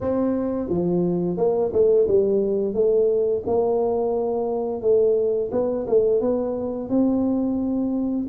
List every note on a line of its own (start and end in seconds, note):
0.01 0.69 C4
0.69 1.37 F3
1.37 1.71 A#3
1.72 2.07 A3
2.07 2.74 G3
2.74 3.43 A3
3.46 4.81 A#3
4.81 5.50 A3
5.51 5.86 B3
5.87 6.21 A3
6.21 6.89 B3
6.89 8.27 C4